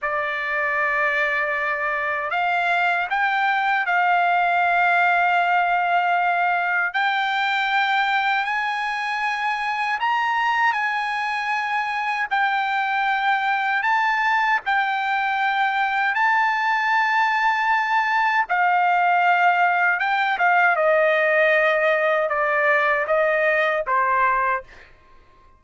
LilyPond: \new Staff \with { instrumentName = "trumpet" } { \time 4/4 \tempo 4 = 78 d''2. f''4 | g''4 f''2.~ | f''4 g''2 gis''4~ | gis''4 ais''4 gis''2 |
g''2 a''4 g''4~ | g''4 a''2. | f''2 g''8 f''8 dis''4~ | dis''4 d''4 dis''4 c''4 | }